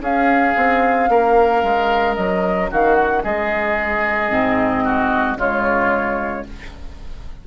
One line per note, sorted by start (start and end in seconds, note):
0.00 0.54 C#4
0.00 4.30 C#4
0.00 1.10 G#4
0.00 2.15 F5
0.56 1.09 C4
1.09 1.63 A#3
1.09 2.71 A#4
1.63 2.17 G#3
2.15 2.71 F#3
2.15 2.69 D#5
2.71 3.24 D#3
2.71 3.23 F#4
2.71 2.95 F5
2.95 3.22 F#5
3.23 4.31 G#3
3.23 4.84 G#4
3.23 5.38 D#5
4.30 5.36 G#2
4.30 5.37 C4
4.84 5.38 F#4
5.36 6.43 C#3
5.36 6.44 G#3
5.36 6.45 F4
5.36 6.47 C#5